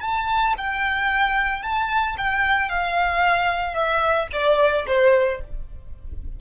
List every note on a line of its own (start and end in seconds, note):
0.00 0.54 A5
0.57 1.62 G5
1.62 2.16 A5
2.17 2.69 G5
2.69 3.74 F5
3.74 4.27 E5
4.32 4.86 D5
4.87 5.40 C5